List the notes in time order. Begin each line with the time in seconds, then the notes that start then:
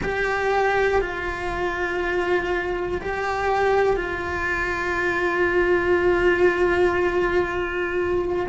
0.02 G4
1.01 F4
3.01 G4
3.96 F4